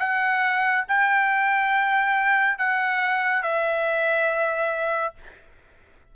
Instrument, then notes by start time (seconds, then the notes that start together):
trumpet
0.00 F#5
0.89 G5
2.58 F#5
3.43 E5